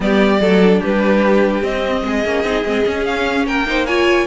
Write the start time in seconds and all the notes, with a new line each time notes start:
0.00 G3 B3 G4 D5
0.40 F#3 A3 A4
0.63 D4
0.80 G3 G4 B4
1.62 C4 D#5
2.04 G#3 G#4
2.24 A#3 C#4
2.43 C4 D#4
2.65 G#3 C4
2.85 C#4
3.05 F5
3.46 A#3 A#4 G5
3.66 D#4 C5
3.86 F4 C#5 G#5